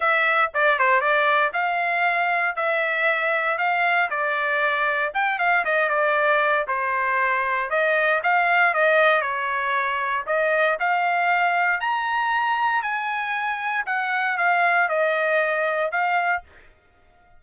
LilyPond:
\new Staff \with { instrumentName = "trumpet" } { \time 4/4 \tempo 4 = 117 e''4 d''8 c''8 d''4 f''4~ | f''4 e''2 f''4 | d''2 g''8 f''8 dis''8 d''8~ | d''4 c''2 dis''4 |
f''4 dis''4 cis''2 | dis''4 f''2 ais''4~ | ais''4 gis''2 fis''4 | f''4 dis''2 f''4 | }